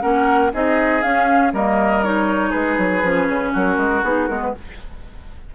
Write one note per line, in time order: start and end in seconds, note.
0.00 0.53 A#3
0.00 0.50 C#4
0.00 0.52 A#4
0.00 0.51 F#5
0.53 1.03 C4
0.53 1.02 D#4
0.53 1.53 G#4
0.53 1.02 D#5
1.02 1.52 C#4
1.02 1.53 C#4
1.02 1.52 F5
1.53 2.53 G3
1.53 2.03 A#3
1.53 2.49 A#4
1.53 2.04 D#5
2.03 3.03 D#4
2.03 2.51 C#5
2.49 2.78 G#3
2.49 3.49 G#4
2.49 3.51 B4
2.78 3.03 F#3
3.03 3.28 F3
3.03 4.04 C#4
3.29 3.54 C#3
3.53 3.77 F#3
3.53 4.53 F#4
3.53 4.03 A#4
3.77 4.02 G#3
4.03 4.28 B3
4.03 4.29 D#4
4.03 4.27 G#4
4.27 4.54 G#3
4.27 4.54 B3
4.27 4.39 A#4
4.42 4.55 B4